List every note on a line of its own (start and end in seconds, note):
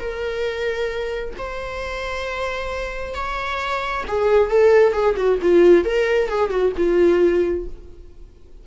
0.00 1.34 A#4
1.39 3.15 C5
3.15 4.04 C#5
4.08 4.50 G#4
4.50 4.93 A4
4.93 5.16 G#4
5.17 5.39 F#4
5.43 5.85 F4
5.85 6.29 A#4
6.29 6.50 G#4
6.50 6.73 F#4
6.77 7.67 F4